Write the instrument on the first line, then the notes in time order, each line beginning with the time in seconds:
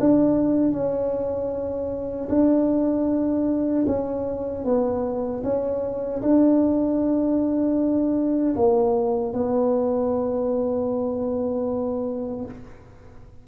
tuba
0.00 D4
0.72 C#4
2.29 D4
3.87 C#4
4.65 B3
5.44 C#4
6.22 D4
8.56 A#3
9.33 B3